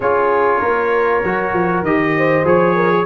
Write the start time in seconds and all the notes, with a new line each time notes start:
0.00 C#4 F4 G#4 C#5
0.59 A#3 A#4
1.23 F#3 F#4
1.53 F3
1.82 D#3 G4 D#5
2.17 C5
2.44 F3 G#4 C#5
2.75 A#4
2.90 G#4